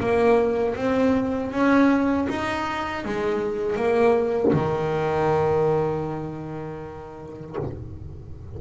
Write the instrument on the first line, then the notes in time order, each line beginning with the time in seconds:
double bass
0.00 A#3
0.76 C4
1.52 C#4
2.29 D#4
3.05 G#3
3.76 A#3
4.53 D#3